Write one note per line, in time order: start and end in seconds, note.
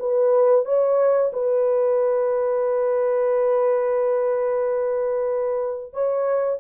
0.00 0.65 B4
0.65 1.31 C#5
1.33 5.93 B4
5.93 6.59 C#5